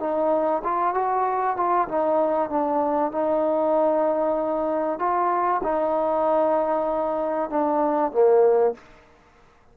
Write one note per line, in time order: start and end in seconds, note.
0.00 0.62 D#4
0.64 0.95 F4
0.95 1.57 F#4
1.57 1.88 F4
1.88 2.50 D#4
2.50 3.12 D4
3.12 4.99 D#4
4.99 5.62 F4
5.64 7.50 D#4
7.50 8.12 D4
8.12 8.75 A#3